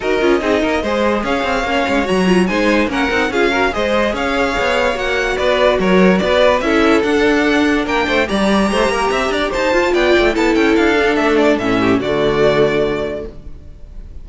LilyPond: <<
  \new Staff \with { instrumentName = "violin" } { \time 4/4 \tempo 4 = 145 dis''2. f''4~ | f''4 ais''4 gis''4 fis''4 | f''4 dis''4 f''2 | fis''4 d''4 cis''4 d''4 |
e''4 fis''2 g''4 | ais''2. a''4 | g''4 a''8 g''8 f''4 e''8 d''8 | e''4 d''2. | }
  \new Staff \with { instrumentName = "violin" } { \time 4/4 ais'4 gis'8 ais'8 c''4 cis''4~ | cis''2 c''4 ais'4 | gis'8 ais'8 c''4 cis''2~ | cis''4 b'4 ais'4 b'4 |
a'2. ais'8 c''8 | d''4 c''8 ais'8 e''8 d''8 c''4 | d''4 a'2.~ | a'8 g'8 fis'2. | }
  \new Staff \with { instrumentName = "viola" } { \time 4/4 fis'8 f'8 dis'4 gis'2 | cis'4 fis'8 f'8 dis'4 cis'8 dis'8 | f'8 fis'8 gis'2. | fis'1 |
e'4 d'2. | g'2.~ g'8 f'8~ | f'4 e'4. d'4. | cis'4 a2. | }
  \new Staff \with { instrumentName = "cello" } { \time 4/4 dis'8 cis'8 c'8 ais8 gis4 cis'8 c'8 | ais8 gis8 fis4 gis4 ais8 c'8 | cis'4 gis4 cis'4 b4 | ais4 b4 fis4 b4 |
cis'4 d'2 ais8 a8 | g4 a8 ais8 c'8 d'8 dis'8 f'8 | b8 a8 b8 cis'8 d'4 a4 | a,4 d2. | }
>>